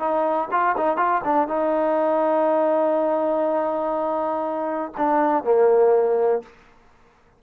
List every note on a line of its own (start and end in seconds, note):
0.00 0.49 D#4
0.52 0.76 F4
0.78 0.97 D#4
0.97 1.22 F4
1.25 1.48 D4
1.48 4.93 D#4
4.98 5.45 D4
5.45 6.43 A#3